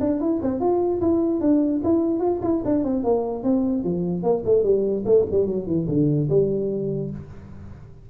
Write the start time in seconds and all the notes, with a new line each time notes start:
0.00 D4
0.20 E4
0.42 C4
0.60 F4
1.01 E4
1.40 D4
1.84 E4
2.19 F4
2.42 E4
2.65 D4
2.84 C4
3.03 A#3
3.43 C4
3.83 F3
4.23 A#3
4.45 A3
4.63 G3
5.05 A3
5.31 G3
5.46 F#3
5.66 E3
5.88 D3
6.29 G3